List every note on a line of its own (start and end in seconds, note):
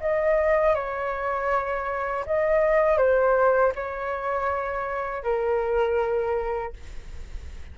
0.00 0.74 D#5
0.74 2.24 C#5
2.26 2.97 D#5
2.97 3.72 C5
3.75 5.23 C#5
5.23 6.73 A#4